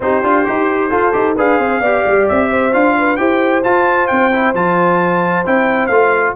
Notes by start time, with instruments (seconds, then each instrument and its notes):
0.00 tuba C4, trombone D#4, horn G4, trumpet C5
0.23 tuba D4, trombone F4
0.45 tuba D#4, trombone G4
0.90 trombone F4, tuba F4, horn A4
1.12 tuba D#4, trombone G4
1.35 tuba D4, trombone G#4, horn B4, trumpet F5
1.57 tuba C4, horn C5
1.80 tuba B3, trombone G4, horn D5
2.06 tuba G3
2.28 tuba C4, trumpet E5
2.50 horn C5
2.72 tuba D4, trombone F4, trumpet F5
2.98 horn B4
3.16 tuba E4, trombone G4, horn C5, trumpet G5
3.63 trombone F4, tuba F4, trumpet A5
4.07 tuba C4, trumpet G5
4.32 trombone E4
4.54 tuba F3, trombone F4, trumpet A5
5.45 tuba C4, trombone E4, trumpet G5
5.86 tuba A3, trombone F4, trumpet F5